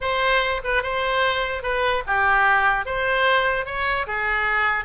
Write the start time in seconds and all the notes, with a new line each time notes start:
0.01 C5
0.64 B4
0.83 C5
1.62 B4
2.06 G4
2.85 C5
3.65 C#5
4.06 G#4